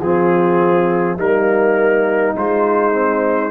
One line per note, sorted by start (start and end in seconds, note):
0.00 1.17 F3
0.00 1.19 C4
0.00 1.17 F4
0.00 1.18 G#4
1.17 2.35 G3
1.17 2.36 A#3
1.17 3.51 D#4
1.17 2.37 A#4
2.36 3.51 G#3
2.36 2.92 F4
2.36 3.51 C5
2.92 3.51 C4